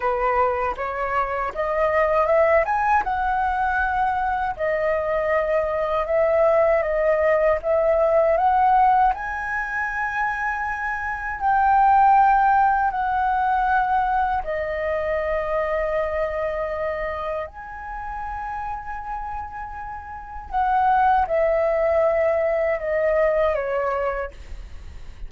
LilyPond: \new Staff \with { instrumentName = "flute" } { \time 4/4 \tempo 4 = 79 b'4 cis''4 dis''4 e''8 gis''8 | fis''2 dis''2 | e''4 dis''4 e''4 fis''4 | gis''2. g''4~ |
g''4 fis''2 dis''4~ | dis''2. gis''4~ | gis''2. fis''4 | e''2 dis''4 cis''4 | }